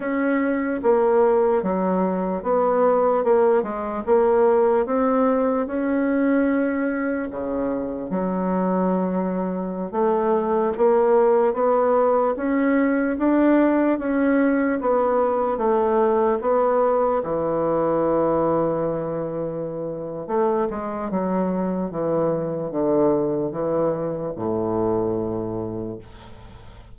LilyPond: \new Staff \with { instrumentName = "bassoon" } { \time 4/4 \tempo 4 = 74 cis'4 ais4 fis4 b4 | ais8 gis8 ais4 c'4 cis'4~ | cis'4 cis4 fis2~ | fis16 a4 ais4 b4 cis'8.~ |
cis'16 d'4 cis'4 b4 a8.~ | a16 b4 e2~ e8.~ | e4 a8 gis8 fis4 e4 | d4 e4 a,2 | }